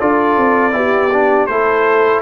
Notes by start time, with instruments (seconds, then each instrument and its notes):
0.00 tuba D4, trombone F4, horn A4, trumpet D5
0.38 tuba C4
0.72 tuba B3, trombone E4, horn G4
1.12 trombone D4
1.47 tuba A3, trombone E4, horn A4, trumpet C5